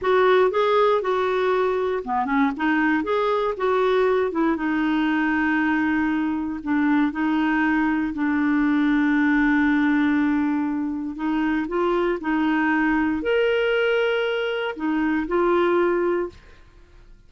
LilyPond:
\new Staff \with { instrumentName = "clarinet" } { \time 4/4 \tempo 4 = 118 fis'4 gis'4 fis'2 | b8 cis'8 dis'4 gis'4 fis'4~ | fis'8 e'8 dis'2.~ | dis'4 d'4 dis'2 |
d'1~ | d'2 dis'4 f'4 | dis'2 ais'2~ | ais'4 dis'4 f'2 | }